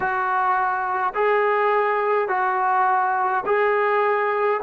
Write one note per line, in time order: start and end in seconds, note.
0.00 1.13 F#4
1.14 2.28 G#4
2.28 3.44 F#4
3.45 4.60 G#4